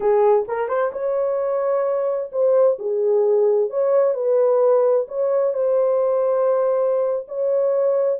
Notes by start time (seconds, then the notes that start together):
0.00 G#4
0.48 A#4
0.68 C5
0.92 C#5
2.31 C5
2.78 G#4
3.70 C#5
4.14 B4
5.07 C#5
5.53 C5
7.28 C#5